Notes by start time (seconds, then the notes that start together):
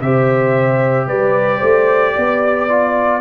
0.00 C3 G4 C5 E5
1.07 G3 B4 D5
1.58 A3 C5
2.14 B3 D5
2.69 F4